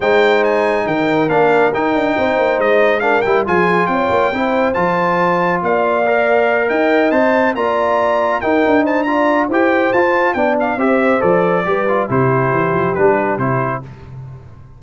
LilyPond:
<<
  \new Staff \with { instrumentName = "trumpet" } { \time 4/4 \tempo 4 = 139 g''4 gis''4 g''4 f''4 | g''2 dis''4 f''8 g''8 | gis''4 g''2 a''4~ | a''4 f''2~ f''8 g''8~ |
g''8 a''4 ais''2 g''8~ | g''8 a''8 ais''4 g''4 a''4 | g''8 f''8 e''4 d''2 | c''2 b'4 c''4 | }
  \new Staff \with { instrumentName = "horn" } { \time 4/4 c''2 ais'2~ | ais'4 c''2 ais'4 | gis'4 cis''4 c''2~ | c''4 d''2~ d''8 dis''8~ |
dis''4. d''2 ais'8~ | ais'8 c''8 d''4 c''2 | d''4 c''2 b'4 | g'1 | }
  \new Staff \with { instrumentName = "trombone" } { \time 4/4 dis'2. d'4 | dis'2. d'8 e'8 | f'2 e'4 f'4~ | f'2 ais'2~ |
ais'8 c''4 f'2 dis'8~ | dis'4 f'4 g'4 f'4 | d'4 g'4 a'4 g'8 f'8 | e'2 d'4 e'4 | }
  \new Staff \with { instrumentName = "tuba" } { \time 4/4 gis2 dis4 ais4 | dis'8 d'8 c'8 ais8 gis4. g8 | f4 c'8 ais8 c'4 f4~ | f4 ais2~ ais8 dis'8~ |
dis'8 c'4 ais2 dis'8 | d'2 e'4 f'4 | b4 c'4 f4 g4 | c4 e8 f8 g4 c4 | }
>>